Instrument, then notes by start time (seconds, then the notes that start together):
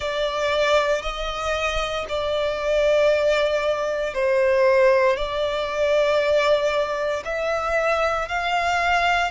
violin
0.00 D5
1.02 D#5
2.08 D5
4.14 C5
5.16 D5
7.25 E5
8.28 F5